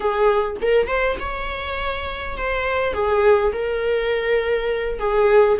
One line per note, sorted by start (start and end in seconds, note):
0.00 0.56 G#4
0.61 0.87 A#4
0.87 1.16 C5
1.19 2.37 C#5
2.37 2.93 C5
2.93 3.52 G#4
3.52 4.99 A#4
4.99 5.57 G#4